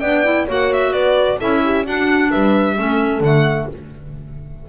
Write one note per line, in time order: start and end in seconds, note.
0.00 0.48 B3
0.00 0.24 D4
0.00 0.46 D5
0.00 0.46 G5
0.24 0.47 E4
0.46 0.92 A#3
0.46 1.39 F#4
0.46 0.91 C#5
0.52 0.73 F#5
0.73 0.93 E5
0.92 1.38 B3
0.92 1.39 B4
0.92 1.39 D5
1.39 1.86 C#4
1.39 1.85 E4
1.39 1.62 A4
1.39 1.86 E5
1.64 1.85 G4
1.85 2.76 D4
1.85 2.32 D4
1.85 2.31 F#4
1.85 2.31 F#5
2.31 2.78 G3
2.31 2.77 B4
2.31 3.23 E5
2.76 3.20 A3
2.76 3.22 C#4
2.76 3.69 A4
3.20 3.66 D3
3.20 3.69 A3
3.20 3.69 F#5